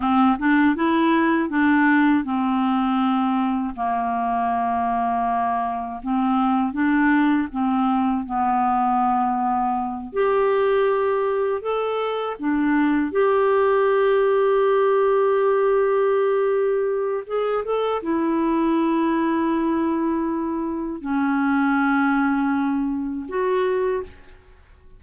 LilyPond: \new Staff \with { instrumentName = "clarinet" } { \time 4/4 \tempo 4 = 80 c'8 d'8 e'4 d'4 c'4~ | c'4 ais2. | c'4 d'4 c'4 b4~ | b4. g'2 a'8~ |
a'8 d'4 g'2~ g'8~ | g'2. gis'8 a'8 | e'1 | cis'2. fis'4 | }